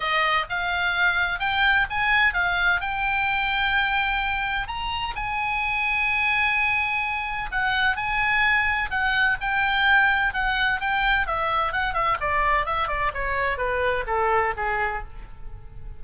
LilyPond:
\new Staff \with { instrumentName = "oboe" } { \time 4/4 \tempo 4 = 128 dis''4 f''2 g''4 | gis''4 f''4 g''2~ | g''2 ais''4 gis''4~ | gis''1 |
fis''4 gis''2 fis''4 | g''2 fis''4 g''4 | e''4 fis''8 e''8 d''4 e''8 d''8 | cis''4 b'4 a'4 gis'4 | }